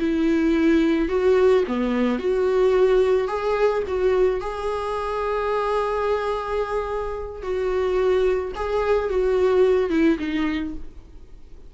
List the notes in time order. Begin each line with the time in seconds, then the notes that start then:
0.00 E4
1.09 F#4
1.68 B3
2.20 F#4
3.28 G#4
3.88 F#4
4.41 G#4
7.43 F#4
8.56 G#4
9.10 F#4
9.90 E4
10.19 D#4